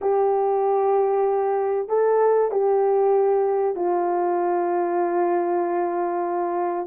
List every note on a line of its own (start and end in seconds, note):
0.01 1.88 G4
1.88 2.51 A4
2.51 3.75 G4
3.75 6.87 F4